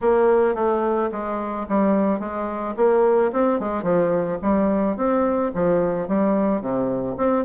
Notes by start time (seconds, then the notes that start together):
0.01 A#3
0.55 A3
1.11 G#3
1.68 G3
2.19 G#3
2.76 A#3
3.32 C4
3.59 G#3
3.83 F3
4.42 G3
4.96 C4
5.54 F3
6.08 G3
6.61 C3
7.17 C4